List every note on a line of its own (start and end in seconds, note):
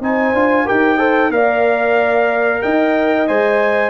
0.00 0.33 C4
0.00 0.34 D#4
0.00 0.65 C5
0.00 0.68 G#5
0.33 0.65 D4
0.33 0.66 F4
0.65 1.30 D#4
0.65 0.98 G4
0.65 0.98 A#4
0.65 1.31 G5
0.98 1.31 A4
0.98 1.31 C5
1.30 2.60 A#3
1.30 3.27 A#4
1.30 2.63 D5
1.30 2.62 F5
2.62 3.29 D#4
2.62 3.90 D#5
2.62 3.27 G5
3.27 3.90 G#3
3.27 3.90 C5
3.27 3.90 G#5